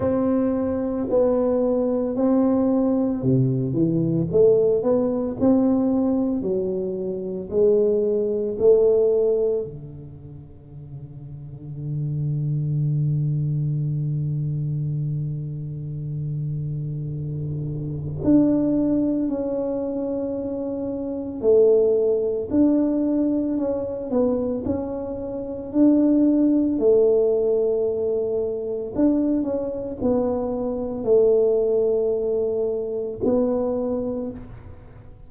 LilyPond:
\new Staff \with { instrumentName = "tuba" } { \time 4/4 \tempo 4 = 56 c'4 b4 c'4 c8 e8 | a8 b8 c'4 fis4 gis4 | a4 d2.~ | d1~ |
d4 d'4 cis'2 | a4 d'4 cis'8 b8 cis'4 | d'4 a2 d'8 cis'8 | b4 a2 b4 | }